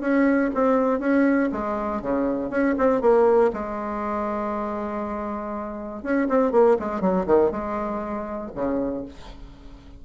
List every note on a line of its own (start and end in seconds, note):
0.00 0.50 C#4
0.54 1.00 C4
1.00 1.50 C#4
1.52 2.01 G#3
2.01 2.50 C#3
2.50 2.75 C#4
2.78 3.01 C4
3.01 3.51 A#3
3.53 6.02 G#3
6.02 6.27 C#4
6.29 6.52 C4
6.52 6.77 A#3
6.79 7.01 G#3
7.01 7.26 F#3
7.26 7.51 D#3
7.51 8.51 G#3
8.55 9.05 C#3